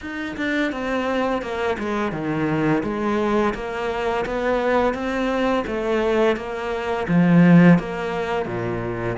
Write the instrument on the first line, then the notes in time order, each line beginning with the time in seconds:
cello
0.01 D#4
0.36 D4
0.72 C4
1.41 A#3
1.78 G#3
2.12 D#3
2.83 G#3
3.54 A#3
4.25 B3
4.93 C4
5.66 A3
6.36 A#3
7.08 F3
7.78 A#3
8.45 A#2